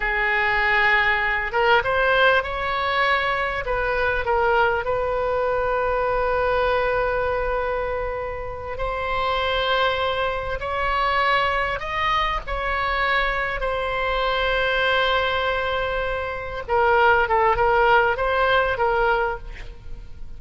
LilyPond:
\new Staff \with { instrumentName = "oboe" } { \time 4/4 \tempo 4 = 99 gis'2~ gis'8 ais'8 c''4 | cis''2 b'4 ais'4 | b'1~ | b'2~ b'8 c''4.~ |
c''4. cis''2 dis''8~ | dis''8 cis''2 c''4.~ | c''2.~ c''8 ais'8~ | ais'8 a'8 ais'4 c''4 ais'4 | }